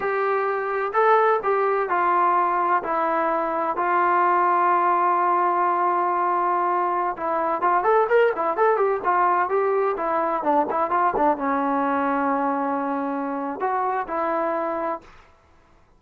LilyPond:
\new Staff \with { instrumentName = "trombone" } { \time 4/4 \tempo 4 = 128 g'2 a'4 g'4 | f'2 e'2 | f'1~ | f'2.~ f'16 e'8.~ |
e'16 f'8 a'8 ais'8 e'8 a'8 g'8 f'8.~ | f'16 g'4 e'4 d'8 e'8 f'8 d'16~ | d'16 cis'2.~ cis'8.~ | cis'4 fis'4 e'2 | }